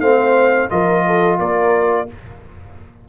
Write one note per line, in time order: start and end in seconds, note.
0.00 0.69 A3
0.00 0.70 C4
0.00 0.70 C5
0.00 0.69 F5
0.70 1.40 F3
0.70 2.08 F4
0.70 1.06 A#4
0.70 1.39 D#5
1.07 1.39 A4
1.39 2.09 A#3
1.39 2.08 A#4
1.39 2.09 D5